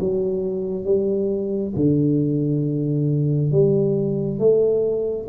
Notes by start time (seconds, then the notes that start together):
0.00 F#3
0.85 G3
1.76 D3
3.52 G3
4.39 A3